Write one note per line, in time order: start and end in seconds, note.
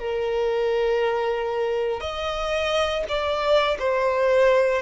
0.00 2.01 A#4
2.01 3.04 D#5
3.09 3.78 D5
3.79 4.82 C5